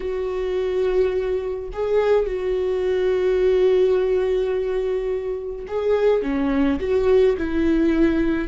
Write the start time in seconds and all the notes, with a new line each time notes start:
0.00 F#4
1.72 G#4
2.26 F#4
5.67 G#4
6.22 C#4
6.79 F#4
7.37 E4